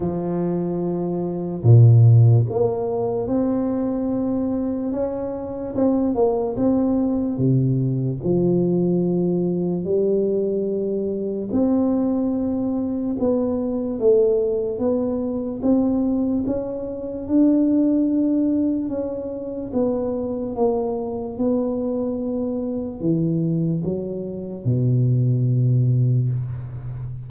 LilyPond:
\new Staff \with { instrumentName = "tuba" } { \time 4/4 \tempo 4 = 73 f2 ais,4 ais4 | c'2 cis'4 c'8 ais8 | c'4 c4 f2 | g2 c'2 |
b4 a4 b4 c'4 | cis'4 d'2 cis'4 | b4 ais4 b2 | e4 fis4 b,2 | }